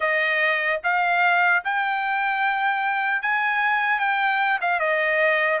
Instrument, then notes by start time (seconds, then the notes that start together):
trumpet
0.00 D#5
0.83 F5
1.64 G5
3.22 G#5
3.99 G5
4.61 F5
4.79 D#5